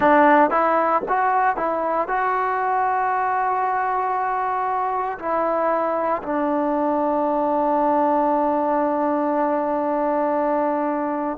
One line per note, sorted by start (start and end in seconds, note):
0.00 0.50 D4
0.50 1.02 E4
1.08 1.56 F#4
1.56 2.07 E4
2.07 5.18 F#4
5.18 6.22 E4
6.23 11.37 D4